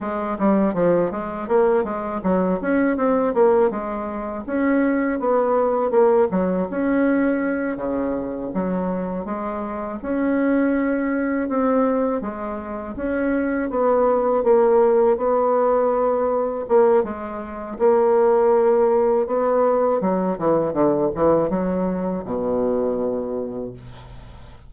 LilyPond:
\new Staff \with { instrumentName = "bassoon" } { \time 4/4 \tempo 4 = 81 gis8 g8 f8 gis8 ais8 gis8 fis8 cis'8 | c'8 ais8 gis4 cis'4 b4 | ais8 fis8 cis'4. cis4 fis8~ | fis8 gis4 cis'2 c'8~ |
c'8 gis4 cis'4 b4 ais8~ | ais8 b2 ais8 gis4 | ais2 b4 fis8 e8 | d8 e8 fis4 b,2 | }